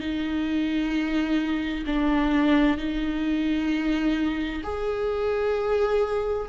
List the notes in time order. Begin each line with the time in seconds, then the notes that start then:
0.00 D#4
1.86 D4
2.78 D#4
4.64 G#4